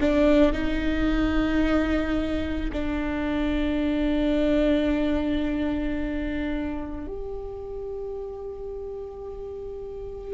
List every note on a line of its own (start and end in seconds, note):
0.00 0.52 D4
0.52 2.70 D#4
2.72 7.07 D4
7.07 10.34 G4